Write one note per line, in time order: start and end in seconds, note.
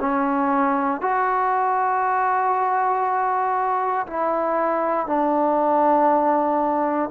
0.00 1.01 C#4
1.01 4.06 F#4
4.07 5.07 E4
5.07 7.10 D4